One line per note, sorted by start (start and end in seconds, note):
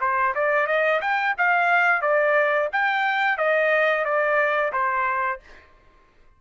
0.00 0.34 C5
0.34 0.66 D5
0.66 1.00 D#5
1.01 1.35 G5
1.37 2.01 F5
2.01 2.68 D5
2.72 3.37 G5
3.37 4.04 D#5
4.04 4.72 D5
4.72 5.39 C5